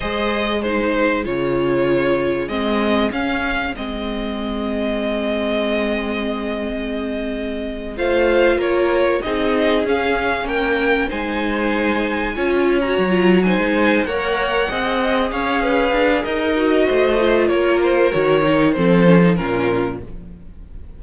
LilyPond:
<<
  \new Staff \with { instrumentName = "violin" } { \time 4/4 \tempo 4 = 96 dis''4 c''4 cis''2 | dis''4 f''4 dis''2~ | dis''1~ | dis''8. f''4 cis''4 dis''4 f''16~ |
f''8. g''4 gis''2~ gis''16~ | gis''8 ais''4 gis''4 fis''4.~ | fis''8 f''4. dis''2 | cis''8 c''8 cis''4 c''4 ais'4 | }
  \new Staff \with { instrumentName = "violin" } { \time 4/4 c''4 gis'2.~ | gis'1~ | gis'1~ | gis'8. c''4 ais'4 gis'4~ gis'16~ |
gis'8. ais'4 c''2 cis''16~ | cis''4. c''4 cis''4 dis''8~ | dis''8 cis''8 b'4 ais'4 c''4 | ais'2 a'4 f'4 | }
  \new Staff \with { instrumentName = "viola" } { \time 4/4 gis'4 dis'4 f'2 | c'4 cis'4 c'2~ | c'1~ | c'8. f'2 dis'4 cis'16~ |
cis'4.~ cis'16 dis'2 f'16~ | f'8 fis'8 f'8 dis'4 ais'4 gis'8~ | gis'2~ gis'8 fis'4 f'8~ | f'4 fis'8 dis'8 c'8 cis'16 dis'16 cis'4 | }
  \new Staff \with { instrumentName = "cello" } { \time 4/4 gis2 cis2 | gis4 cis'4 gis2~ | gis1~ | gis8. a4 ais4 c'4 cis'16~ |
cis'8. ais4 gis2 cis'16~ | cis'8. fis4 gis8. ais4 c'8~ | c'8 cis'4 d'8 dis'4 a4 | ais4 dis4 f4 ais,4 | }
>>